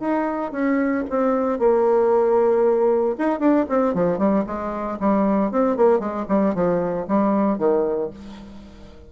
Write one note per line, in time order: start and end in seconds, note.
0.00 0.52 D#4
0.52 1.04 C#4
1.10 1.59 C4
1.59 3.16 A#3
3.18 3.39 D#4
3.39 3.65 D4
3.69 3.94 C4
3.94 4.18 F3
4.18 4.44 G3
4.47 4.99 G#3
5.00 5.51 G3
5.51 5.77 C4
5.77 5.99 A#3
5.99 6.25 G#3
6.29 6.55 G3
6.55 7.07 F3
7.08 7.58 G3
7.58 8.10 D#3